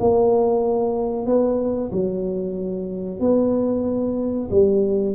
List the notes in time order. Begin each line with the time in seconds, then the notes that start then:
0.00 A#3
1.26 B3
1.92 F#3
3.20 B3
4.51 G3